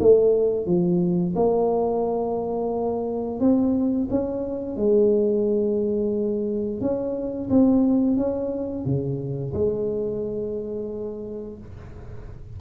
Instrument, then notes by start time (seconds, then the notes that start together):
tuba
0.00 A3
0.66 F3
1.36 A#3
3.40 C4
4.11 C#4
4.77 G#3
6.81 C#4
7.50 C4
8.17 C#4
8.85 C#3
9.54 G#3